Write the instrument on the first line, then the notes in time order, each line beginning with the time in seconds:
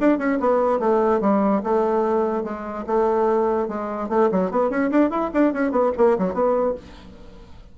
bassoon
0.00 D4
0.18 C#4
0.39 B3
0.79 A3
1.20 G3
1.63 A3
2.44 G#3
2.86 A3
3.68 G#3
4.09 A3
4.31 F#3
4.51 B3
4.70 C#4
4.91 D4
5.10 E4
5.33 D4
5.53 C#4
5.71 B3
5.97 A#3
6.18 F#3
6.33 B3